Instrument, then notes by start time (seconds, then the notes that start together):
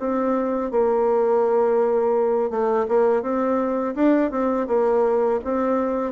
bassoon
0.00 C4
0.71 A#3
2.51 A3
2.89 A#3
3.23 C4
3.95 D4
4.31 C4
4.68 A#3
5.44 C4